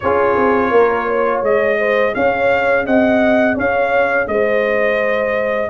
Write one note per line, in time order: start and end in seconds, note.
0.00 0.36 C#4
0.00 1.45 F4
0.00 0.71 G#4
0.00 1.41 C#5
0.36 0.71 C4
0.71 1.42 A#3
0.71 1.06 A#4
1.07 1.78 C#5
1.42 2.13 G#3
1.42 5.70 G#4
1.42 2.14 D#5
1.79 2.14 C5
2.14 2.86 C#4
2.14 2.85 C#5
2.14 2.85 F5
2.85 3.56 C4
2.85 3.54 D#5
2.85 3.57 F#5
3.54 4.27 C#4
3.54 4.26 C#5
3.54 4.27 F5
4.27 5.70 G#3
4.27 5.70 C5
4.27 5.70 D#5